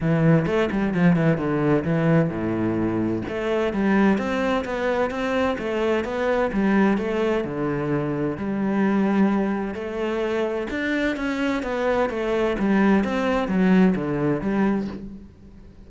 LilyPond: \new Staff \with { instrumentName = "cello" } { \time 4/4 \tempo 4 = 129 e4 a8 g8 f8 e8 d4 | e4 a,2 a4 | g4 c'4 b4 c'4 | a4 b4 g4 a4 |
d2 g2~ | g4 a2 d'4 | cis'4 b4 a4 g4 | c'4 fis4 d4 g4 | }